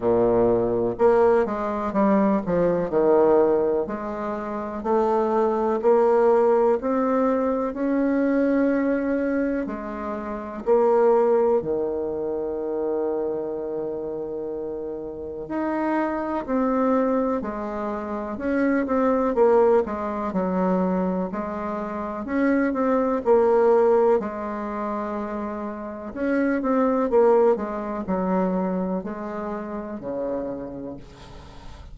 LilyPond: \new Staff \with { instrumentName = "bassoon" } { \time 4/4 \tempo 4 = 62 ais,4 ais8 gis8 g8 f8 dis4 | gis4 a4 ais4 c'4 | cis'2 gis4 ais4 | dis1 |
dis'4 c'4 gis4 cis'8 c'8 | ais8 gis8 fis4 gis4 cis'8 c'8 | ais4 gis2 cis'8 c'8 | ais8 gis8 fis4 gis4 cis4 | }